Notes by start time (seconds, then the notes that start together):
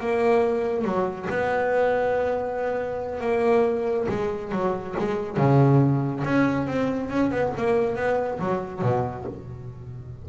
0.00 A#3
0.84 F#3
1.30 B3
3.21 A#3
4.09 G#3
4.52 F#3
4.99 G#3
5.37 C#3
6.24 C#4
6.67 C4
7.10 C#4
7.31 B3
7.57 A#3
7.96 B3
8.39 F#3
8.82 B2